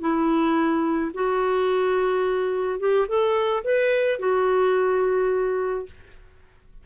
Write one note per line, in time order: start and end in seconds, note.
0.00 1.11 E4
1.14 2.79 F#4
2.79 3.07 G4
3.08 3.63 A4
3.64 4.19 B4
4.19 5.86 F#4